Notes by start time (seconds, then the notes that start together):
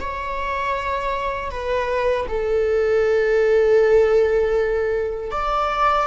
0.00 C#5
1.51 B4
2.28 A4
5.31 D5